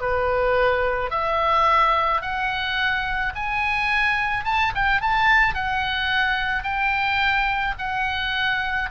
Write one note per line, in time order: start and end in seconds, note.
0.00 1.10 B4
1.10 2.21 E5
2.21 3.32 F#5
3.35 4.44 G#5
4.44 4.72 A5
4.74 5.01 G5
5.01 5.54 A5
5.54 6.63 F#5
6.63 7.74 G5
7.78 8.89 F#5